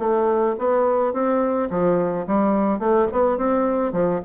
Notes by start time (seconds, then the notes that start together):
0.00 A3
0.59 B3
1.14 C4
1.71 F3
2.27 G3
2.80 A3
3.12 B3
3.38 C4
3.93 F3